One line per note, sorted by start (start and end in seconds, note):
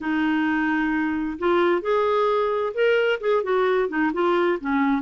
0.00 1.38 D#4
1.38 1.81 F4
1.81 2.73 G#4
2.74 3.19 A#4
3.20 3.43 G#4
3.43 3.88 F#4
3.88 4.11 D#4
4.13 4.59 F4
4.60 5.02 C#4